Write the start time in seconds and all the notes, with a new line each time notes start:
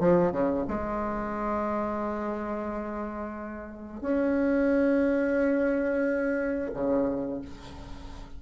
0.00 F3
0.32 C#3
0.68 G#3
4.01 C#4
6.74 C#3